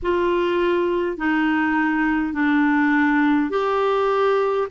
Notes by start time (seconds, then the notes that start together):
0.02 F4
1.17 D#4
2.33 D4
3.50 G4